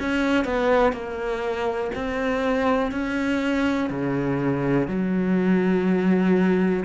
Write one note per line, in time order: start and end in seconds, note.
0.00 0.45 C#4
0.45 0.93 B3
0.93 1.91 A#3
1.95 2.92 C4
2.92 3.90 C#4
3.90 4.88 C#3
4.88 6.85 F#3